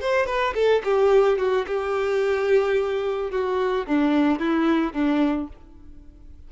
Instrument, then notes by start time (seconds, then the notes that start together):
violin
0.00 C5
0.26 B4
0.54 A4
0.84 G4
1.38 F#4
1.67 G4
3.31 F#4
3.86 D4
4.39 E4
4.93 D4